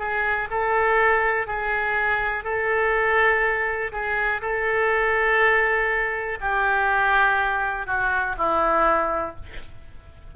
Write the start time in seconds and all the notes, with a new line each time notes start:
0.00 G#4
0.51 A4
1.48 G#4
2.45 A4
3.93 G#4
4.42 A4
6.41 G4
7.87 F#4
8.38 E4